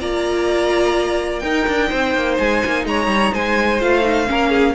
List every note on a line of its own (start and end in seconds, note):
0.00 1.43 A#3
0.00 1.43 F4
0.00 1.43 D5
0.00 1.40 A#5
1.40 1.67 D#4
1.40 3.81 D#4
1.40 1.89 A#4
1.40 2.35 G5
1.68 1.92 D4
1.89 2.15 C4
1.89 2.84 C5
2.15 2.39 A#3
2.38 2.63 G#3
2.38 2.86 G#5
2.66 2.86 A#3
2.86 3.07 G#3
2.86 3.34 C#5
2.86 3.34 A#5
3.07 3.31 G3
3.34 3.82 G#3
3.34 4.29 C5
3.34 3.82 G#5
3.81 4.30 A3
3.81 4.02 F4
3.81 4.75 F5
4.02 4.26 D#4
4.27 4.75 A#3
4.27 4.75 C#4
4.27 4.50 A#4
4.50 4.74 G#4